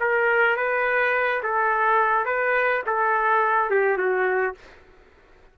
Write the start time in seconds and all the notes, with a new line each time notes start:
0.00 A#4
0.56 B4
1.43 A4
2.25 B4
2.86 A4
3.70 G4
3.97 F#4